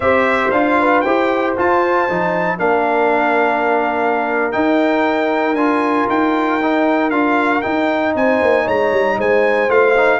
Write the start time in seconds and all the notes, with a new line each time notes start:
0.00 C4 G4 C5 E5
0.50 D4 F4 F5
0.80 B4
1.01 E4 G4 C5 G5
1.57 F4 A5
2.09 F3 D#4
2.58 A#3 D4 A#4 F5
4.51 D#4 G5
5.53 D4 F4 G#5
6.08 D#4 G5
6.62 D#4
7.10 D4 F4 F5
7.61 D#4 G5
8.15 C4 C5 G#5
8.41 A#3
8.64 G#3 C#5 A#5
8.91 G3
9.18 G#3 C5 G#5
9.68 A3 F4 F5
9.96 D#4